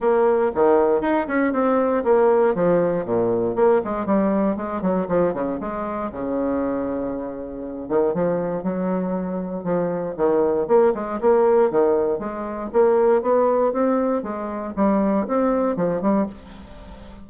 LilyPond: \new Staff \with { instrumentName = "bassoon" } { \time 4/4 \tempo 4 = 118 ais4 dis4 dis'8 cis'8 c'4 | ais4 f4 ais,4 ais8 gis8 | g4 gis8 fis8 f8 cis8 gis4 | cis2.~ cis8 dis8 |
f4 fis2 f4 | dis4 ais8 gis8 ais4 dis4 | gis4 ais4 b4 c'4 | gis4 g4 c'4 f8 g8 | }